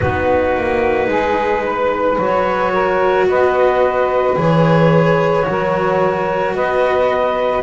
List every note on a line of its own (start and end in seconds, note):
0.00 0.56 B3
0.00 2.20 D#4
0.00 1.08 F#4
0.00 2.17 B4
0.56 1.07 A#3
1.07 2.16 G#3
1.07 1.63 G#4
1.64 2.72 B4
2.17 3.26 F#3
2.17 4.36 F#4
2.17 3.28 C#5
2.72 3.27 A#4
3.26 4.35 B3
3.26 5.47 B4
3.26 4.37 D#5
4.36 5.46 E3
4.36 5.42 G#4
4.36 6.55 C#5
5.42 6.54 F#3
5.42 7.61 F#4
5.49 6.55 A#4
6.54 7.62 B3
6.54 7.62 B4
6.54 7.62 D#5